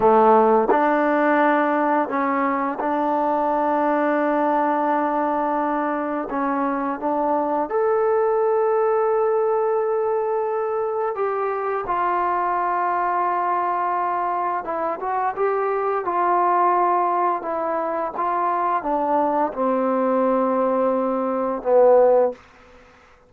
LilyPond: \new Staff \with { instrumentName = "trombone" } { \time 4/4 \tempo 4 = 86 a4 d'2 cis'4 | d'1~ | d'4 cis'4 d'4 a'4~ | a'1 |
g'4 f'2.~ | f'4 e'8 fis'8 g'4 f'4~ | f'4 e'4 f'4 d'4 | c'2. b4 | }